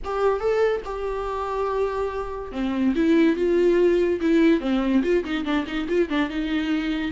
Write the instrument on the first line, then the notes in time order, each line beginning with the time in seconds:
viola
0.04 G4
0.39 A4
0.84 G4
2.52 C4
2.95 E4
3.36 F4
4.20 E4
4.60 C4
5.02 F4
5.24 D#4
5.44 D4
5.66 D#4
5.88 F4
6.09 D4
6.29 D#4